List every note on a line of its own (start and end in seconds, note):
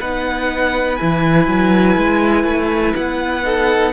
0.00 0.99 B3
0.00 0.99 D#4
0.00 3.44 B4
0.00 0.96 F#5
0.96 1.47 E3
0.96 3.43 E4
0.96 2.93 G#5
1.47 1.97 F#3
1.97 2.44 G#3
2.44 2.93 A3
2.96 3.93 B3
2.96 3.93 F#5
3.43 3.93 D#4
3.43 3.93 A4